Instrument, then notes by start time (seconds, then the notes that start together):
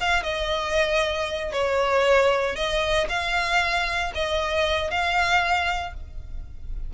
violin
0.00 F5
0.23 D#5
1.52 C#5
2.56 D#5
3.09 F5
4.14 D#5
4.90 F5